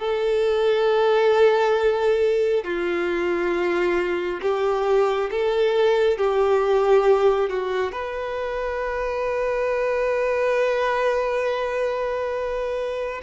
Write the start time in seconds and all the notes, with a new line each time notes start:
0.00 A4
2.64 F4
4.42 G4
5.31 A4
6.18 G4
7.50 F#4
7.92 B4